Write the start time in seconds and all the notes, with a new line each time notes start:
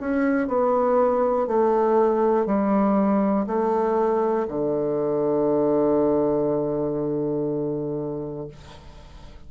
0.00 C#4
0.48 B3
1.48 A3
2.46 G3
3.47 A3
4.49 D3